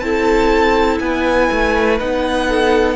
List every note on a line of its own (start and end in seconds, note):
0.00 0.99 C4
0.00 2.00 E4
0.00 1.02 A4
0.00 0.98 A5
0.99 1.49 B3
0.99 2.47 B4
0.99 1.98 G#5
1.51 2.00 A3
2.00 2.96 B3
2.00 2.96 D#4
2.00 2.96 F#5
2.47 2.96 A4